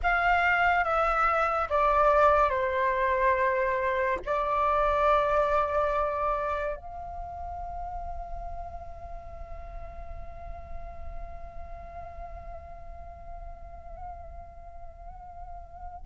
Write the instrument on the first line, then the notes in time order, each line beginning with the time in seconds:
flute
0.02 F5
0.83 E5
1.69 D5
2.49 C5
4.25 D5
6.76 F5